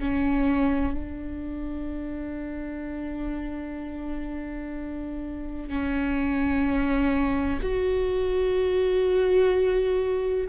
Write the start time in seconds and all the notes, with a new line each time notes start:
0.00 C#4
0.94 D4
5.70 C#4
7.62 F#4